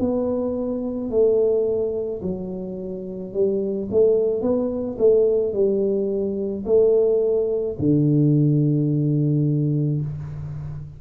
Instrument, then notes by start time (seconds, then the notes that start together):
tuba
0.00 B3
1.11 A3
2.23 F#3
3.34 G3
3.91 A3
4.42 B3
4.98 A3
5.54 G3
6.66 A3
7.79 D3